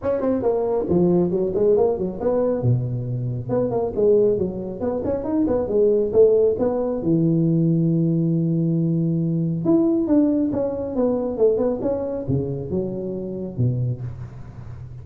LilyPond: \new Staff \with { instrumentName = "tuba" } { \time 4/4 \tempo 4 = 137 cis'8 c'8 ais4 f4 fis8 gis8 | ais8 fis8 b4 b,2 | b8 ais8 gis4 fis4 b8 cis'8 | dis'8 b8 gis4 a4 b4 |
e1~ | e2 e'4 d'4 | cis'4 b4 a8 b8 cis'4 | cis4 fis2 b,4 | }